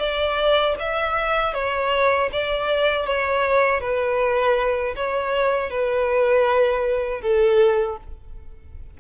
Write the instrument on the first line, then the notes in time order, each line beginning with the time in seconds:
violin
0.00 D5
0.80 E5
1.54 C#5
2.33 D5
3.07 C#5
3.81 B4
4.96 C#5
5.71 B4
7.22 A4